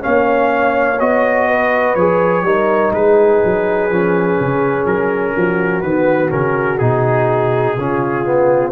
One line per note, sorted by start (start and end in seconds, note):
0.00 0.97 C#4
0.00 1.48 C#5
0.00 1.00 F5
0.06 1.00 A#3
1.00 1.96 B3
1.00 1.97 F#4
1.00 1.95 D#5
1.48 2.45 B4
1.95 2.43 F3
1.95 2.46 G#4
1.95 2.92 C#5
2.43 2.91 G3
2.43 3.90 D#4
2.43 2.94 A#4
2.91 3.40 G#3
2.91 5.36 G#4
2.91 4.86 B4
3.45 3.90 F#3
3.90 4.39 F3
3.90 5.84 C#4
4.40 4.86 C#3
4.86 5.34 F#3
4.86 5.82 A#4
5.36 5.83 F3
5.36 7.78 F#4
5.82 6.31 D#3
5.82 6.29 B3
5.82 6.30 B4
6.29 6.80 C#3
6.29 6.78 C#4
6.29 6.79 A#4
6.79 7.77 B2
6.79 7.78 D#4
6.79 8.72 G#4
7.77 8.72 C#3
7.77 8.24 C#4
7.77 8.72 F4
8.24 8.72 B3